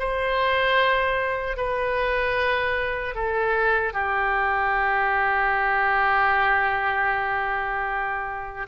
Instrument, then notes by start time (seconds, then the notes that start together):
oboe
0.00 C5
1.57 B4
3.15 A4
3.94 G4